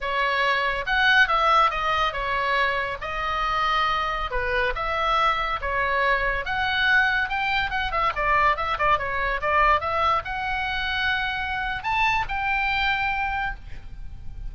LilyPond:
\new Staff \with { instrumentName = "oboe" } { \time 4/4 \tempo 4 = 142 cis''2 fis''4 e''4 | dis''4 cis''2 dis''4~ | dis''2~ dis''16 b'4 e''8.~ | e''4~ e''16 cis''2 fis''8.~ |
fis''4~ fis''16 g''4 fis''8 e''8 d''8.~ | d''16 e''8 d''8 cis''4 d''4 e''8.~ | e''16 fis''2.~ fis''8. | a''4 g''2. | }